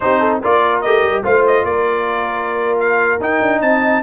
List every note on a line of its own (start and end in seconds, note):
0.00 0.44 C4
0.00 0.42 D#4
0.00 0.19 G4
0.00 0.39 C5
0.19 0.40 A4
0.41 0.85 A#3
0.41 0.84 F4
0.41 1.23 A#4
0.41 0.81 D5
0.81 1.02 A3
0.81 1.23 G4
0.81 1.22 D#5
1.02 1.22 G3
1.23 1.64 A3
1.23 3.20 F4
1.23 1.65 C5
1.23 1.45 F5
1.46 1.65 D#5
1.64 3.19 A#3
1.64 3.61 A#4
1.64 2.79 D5
2.79 3.21 F5
3.20 3.40 D#4
3.20 4.03 D#4
3.20 3.61 G5
3.41 3.61 D4
3.61 4.02 C4
3.61 4.02 D#5
3.61 4.03 A5